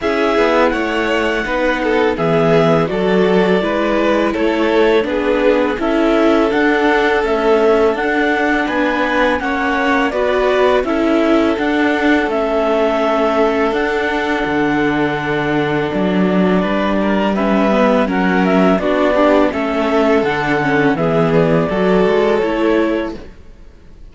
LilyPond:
<<
  \new Staff \with { instrumentName = "clarinet" } { \time 4/4 \tempo 4 = 83 e''4 fis''2 e''4 | d''2 cis''4 b'4 | e''4 fis''4 e''4 fis''4 | gis''4 fis''4 d''4 e''4 |
fis''4 e''2 fis''4~ | fis''2 d''2 | e''4 fis''8 e''8 d''4 e''4 | fis''4 e''8 d''4. cis''4 | }
  \new Staff \with { instrumentName = "violin" } { \time 4/4 gis'4 cis''4 b'8 a'8 gis'4 | a'4 b'4 a'4 gis'4 | a'1 | b'4 cis''4 b'4 a'4~ |
a'1~ | a'2. b'8 ais'8 | b'4 ais'4 fis'8 d'8 a'4~ | a'4 gis'4 a'2 | }
  \new Staff \with { instrumentName = "viola" } { \time 4/4 e'2 dis'4 b4 | fis'4 e'2 d'4 | e'4 d'4 a4 d'4~ | d'4 cis'4 fis'4 e'4 |
d'4 cis'2 d'4~ | d'1 | cis'8 b8 cis'4 d'8 g'8 cis'4 | d'8 cis'8 b4 fis'4 e'4 | }
  \new Staff \with { instrumentName = "cello" } { \time 4/4 cis'8 b8 a4 b4 e4 | fis4 gis4 a4 b4 | cis'4 d'4 cis'4 d'4 | b4 ais4 b4 cis'4 |
d'4 a2 d'4 | d2 fis4 g4~ | g4 fis4 b4 a4 | d4 e4 fis8 gis8 a4 | }
>>